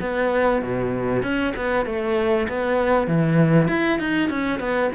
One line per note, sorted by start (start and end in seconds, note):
0.00 0.62 B3
0.62 1.22 B2
1.22 1.53 C#4
1.56 1.86 B3
1.86 2.47 A3
2.48 3.07 B3
3.07 3.68 E3
3.68 3.99 E4
3.99 4.29 D#4
4.29 4.59 C#4
4.59 4.90 B3